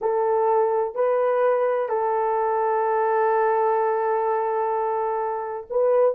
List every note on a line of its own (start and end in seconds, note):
0.01 0.94 A4
0.94 1.88 B4
1.88 5.66 A4
5.70 6.15 B4